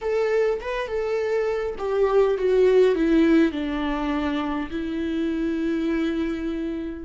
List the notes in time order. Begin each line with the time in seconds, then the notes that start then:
0.01 A4
0.60 B4
0.87 A4
1.78 G4
2.37 F#4
2.95 E4
3.51 D4
4.70 E4